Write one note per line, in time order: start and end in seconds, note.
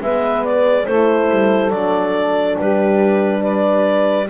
0.00 0.86 G#3
0.00 0.86 B3
0.00 0.86 B4
0.00 0.44 E5
0.44 0.85 D5
0.85 1.30 A3
0.85 1.71 E4
0.85 2.57 A4
0.85 1.70 C5
1.30 1.70 G3
1.70 2.56 F#3
1.70 4.28 D4
1.70 2.56 D5
2.57 4.29 G3
2.57 3.41 G4
2.57 3.42 B4
3.41 4.27 B4
3.41 4.28 D5